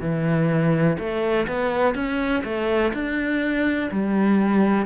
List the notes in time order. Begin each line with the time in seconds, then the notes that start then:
0.00 E3
0.98 A3
1.47 B3
1.94 C#4
2.44 A3
2.93 D4
3.91 G3